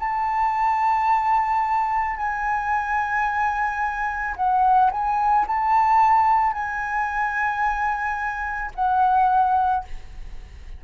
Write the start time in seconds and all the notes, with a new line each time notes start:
0.00 A5
2.17 G#5
4.37 F#5
4.92 G#5
5.47 A5
6.54 G#5
8.76 F#5